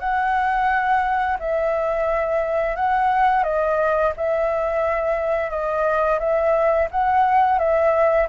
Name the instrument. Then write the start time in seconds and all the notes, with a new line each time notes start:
flute
0.00 F#5
1.40 E5
2.76 F#5
3.44 D#5
4.17 E5
5.50 D#5
6.20 E5
6.91 F#5
7.59 E5